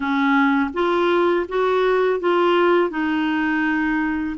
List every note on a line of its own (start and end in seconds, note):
0.00 0.70 C#4
0.73 1.46 F4
1.48 2.20 F#4
2.20 2.90 F4
2.90 4.36 D#4